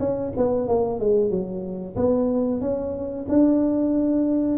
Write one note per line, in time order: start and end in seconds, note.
0.00 0.33 C#4
0.37 0.68 B3
0.68 1.00 A#3
1.00 1.31 G#3
1.31 1.96 F#3
1.96 2.61 B3
2.61 3.26 C#4
3.29 4.58 D4